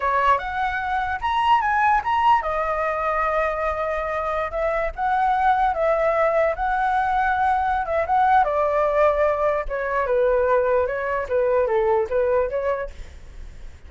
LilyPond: \new Staff \with { instrumentName = "flute" } { \time 4/4 \tempo 4 = 149 cis''4 fis''2 ais''4 | gis''4 ais''4 dis''2~ | dis''2.~ dis''16 e''8.~ | e''16 fis''2 e''4.~ e''16~ |
e''16 fis''2.~ fis''16 e''8 | fis''4 d''2. | cis''4 b'2 cis''4 | b'4 a'4 b'4 cis''4 | }